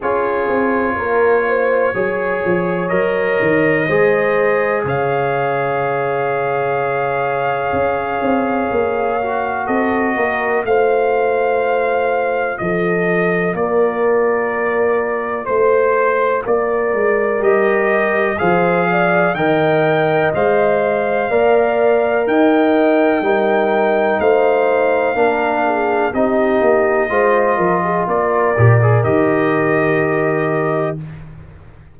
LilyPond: <<
  \new Staff \with { instrumentName = "trumpet" } { \time 4/4 \tempo 4 = 62 cis''2. dis''4~ | dis''4 f''2.~ | f''2 dis''4 f''4~ | f''4 dis''4 d''2 |
c''4 d''4 dis''4 f''4 | g''4 f''2 g''4~ | g''4 f''2 dis''4~ | dis''4 d''4 dis''2 | }
  \new Staff \with { instrumentName = "horn" } { \time 4/4 gis'4 ais'8 c''8 cis''2 | c''4 cis''2.~ | cis''2 a'8 ais'8 c''4~ | c''4 a'4 ais'2 |
c''4 ais'2 c''8 d''8 | dis''2 d''4 dis''4 | ais'4 c''4 ais'8 gis'8 g'4 | c''8 ais'16 gis'16 ais'2. | }
  \new Staff \with { instrumentName = "trombone" } { \time 4/4 f'2 gis'4 ais'4 | gis'1~ | gis'4. fis'4. f'4~ | f'1~ |
f'2 g'4 gis'4 | ais'4 c''4 ais'2 | dis'2 d'4 dis'4 | f'4. g'16 gis'16 g'2 | }
  \new Staff \with { instrumentName = "tuba" } { \time 4/4 cis'8 c'8 ais4 fis8 f8 fis8 dis8 | gis4 cis2. | cis'8 c'8 ais4 c'8 ais8 a4~ | a4 f4 ais2 |
a4 ais8 gis8 g4 f4 | dis4 gis4 ais4 dis'4 | g4 a4 ais4 c'8 ais8 | gis8 f8 ais8 ais,8 dis2 | }
>>